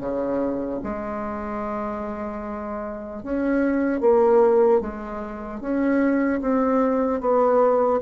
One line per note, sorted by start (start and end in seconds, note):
0.00 0.80 C#3
0.83 3.23 G#3
3.23 4.01 C#4
4.01 4.81 A#3
4.81 5.61 G#3
5.61 6.41 C#4
6.41 7.20 C4
7.20 8.00 B3